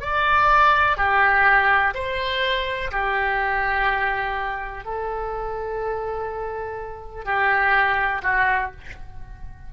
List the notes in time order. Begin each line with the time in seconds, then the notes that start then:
0.00 D5
0.97 G4
1.94 C5
2.91 G4
4.84 A4
7.24 G4
8.22 F#4